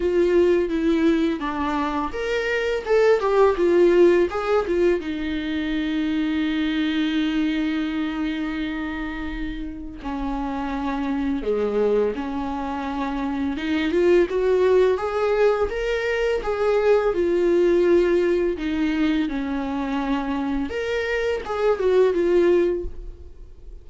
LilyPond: \new Staff \with { instrumentName = "viola" } { \time 4/4 \tempo 4 = 84 f'4 e'4 d'4 ais'4 | a'8 g'8 f'4 gis'8 f'8 dis'4~ | dis'1~ | dis'2 cis'2 |
gis4 cis'2 dis'8 f'8 | fis'4 gis'4 ais'4 gis'4 | f'2 dis'4 cis'4~ | cis'4 ais'4 gis'8 fis'8 f'4 | }